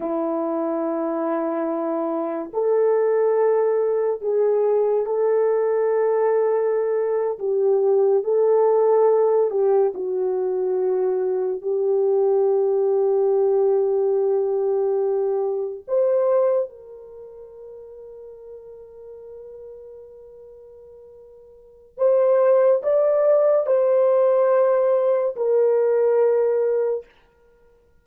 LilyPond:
\new Staff \with { instrumentName = "horn" } { \time 4/4 \tempo 4 = 71 e'2. a'4~ | a'4 gis'4 a'2~ | a'8. g'4 a'4. g'8 fis'16~ | fis'4.~ fis'16 g'2~ g'16~ |
g'2~ g'8. c''4 ais'16~ | ais'1~ | ais'2 c''4 d''4 | c''2 ais'2 | }